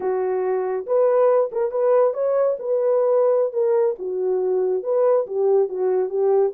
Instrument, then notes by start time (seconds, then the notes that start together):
horn
0.00 F#4
0.86 B4
1.51 A#4
1.71 B4
2.13 C#5
2.59 B4
3.53 A#4
3.99 F#4
4.83 B4
5.26 G4
5.68 F#4
6.09 G4